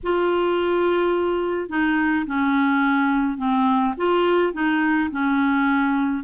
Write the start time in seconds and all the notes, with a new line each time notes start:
0.03 F4
1.69 D#4
2.26 C#4
3.37 C4
3.97 F4
4.53 D#4
5.10 C#4